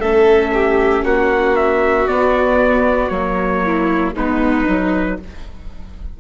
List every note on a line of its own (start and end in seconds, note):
0.00 1.05 A3
0.00 2.08 C#4
0.00 0.52 A4
0.00 1.05 E5
0.54 1.05 G4
1.05 2.08 A#3
1.05 3.64 F#4
1.05 1.56 F#5
1.56 2.08 E5
2.08 3.12 B3
2.08 3.10 B3
2.08 3.09 D5
3.09 4.14 F#3
3.09 4.15 A#3
3.09 4.12 C#5
3.65 4.14 E4
4.14 4.67 G#3
4.14 4.66 B3
4.14 5.18 D#4
4.14 5.20 B4
4.66 5.19 F#3
4.66 5.18 D#4